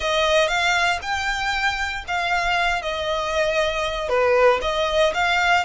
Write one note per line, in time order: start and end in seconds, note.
0.00 0.48 D#5
0.48 0.99 F5
1.02 2.04 G5
2.07 2.82 F5
2.82 4.08 D#5
4.08 4.60 B4
4.61 5.13 D#5
5.14 5.64 F5